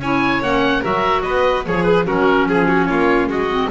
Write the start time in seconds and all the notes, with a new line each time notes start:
0.00 C#4 E4 C#5 G#5
0.42 A#3 C#4 F#5
0.81 F#3 F#4 A#4 E5
1.22 B3 B4 D#5
1.65 F3 G#4 C#5
1.84 B4
2.06 F#3 C#4 F#4 A#4
2.48 F3 G#4
2.68 F#4
2.86 A#3 F4 C#5
3.27 G#3 F#4 D#5
3.49 C4